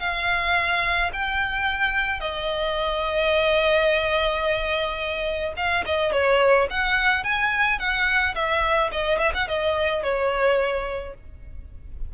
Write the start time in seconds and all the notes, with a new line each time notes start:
0.00 F5
1.13 G5
2.20 D#5
5.57 F5
5.86 D#5
6.12 C#5
6.70 F#5
7.24 G#5
7.79 F#5
8.35 E5
8.92 D#5
9.19 E5
9.34 F#5
9.48 D#5
10.03 C#5